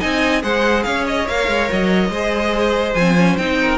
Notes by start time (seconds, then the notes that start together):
0.00 C4 D#4 D#5 G#5
0.42 G#3 G#4 C5 F#5
0.84 C#4 C#5 F5
1.07 D#5
1.28 A#3 A#4 F5
1.49 G#3
1.72 F#3 D#5
2.10 G#3 G#4 C5
2.95 F3 C4 G#5
3.17 C#4
3.38 C4 D#4 G5
3.62 A#4